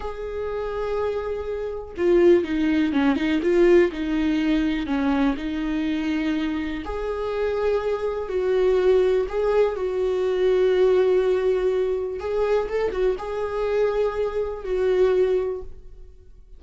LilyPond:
\new Staff \with { instrumentName = "viola" } { \time 4/4 \tempo 4 = 123 gis'1 | f'4 dis'4 cis'8 dis'8 f'4 | dis'2 cis'4 dis'4~ | dis'2 gis'2~ |
gis'4 fis'2 gis'4 | fis'1~ | fis'4 gis'4 a'8 fis'8 gis'4~ | gis'2 fis'2 | }